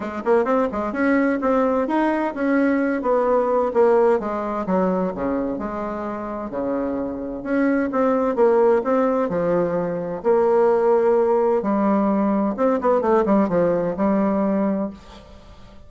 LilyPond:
\new Staff \with { instrumentName = "bassoon" } { \time 4/4 \tempo 4 = 129 gis8 ais8 c'8 gis8 cis'4 c'4 | dis'4 cis'4. b4. | ais4 gis4 fis4 cis4 | gis2 cis2 |
cis'4 c'4 ais4 c'4 | f2 ais2~ | ais4 g2 c'8 b8 | a8 g8 f4 g2 | }